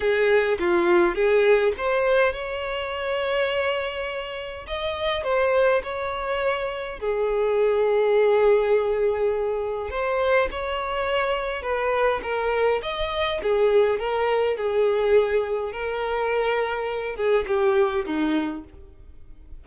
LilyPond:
\new Staff \with { instrumentName = "violin" } { \time 4/4 \tempo 4 = 103 gis'4 f'4 gis'4 c''4 | cis''1 | dis''4 c''4 cis''2 | gis'1~ |
gis'4 c''4 cis''2 | b'4 ais'4 dis''4 gis'4 | ais'4 gis'2 ais'4~ | ais'4. gis'8 g'4 dis'4 | }